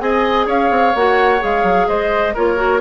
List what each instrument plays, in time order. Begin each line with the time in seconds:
0.00 bassoon C4, clarinet G#4, oboe D#5, flute G#5
0.46 bassoon C#4, oboe C#5, flute F5
0.71 bassoon C4
0.95 bassoon A#3, clarinet F#4, flute F#5
1.39 bassoon G#3, clarinet G#4, flute F5
1.63 bassoon F#3
1.88 bassoon G#3, oboe C5, flute D#5
2.34 bassoon A#3, clarinet F4, oboe A#4, flute C#5
2.56 clarinet F#4